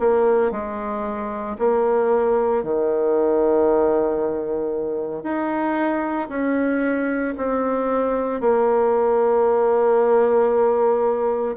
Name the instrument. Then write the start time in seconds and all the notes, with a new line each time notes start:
bassoon
0.00 A#3
0.52 G#3
1.59 A#3
2.64 D#3
5.23 D#4
6.30 C#4
7.38 C4
8.41 A#3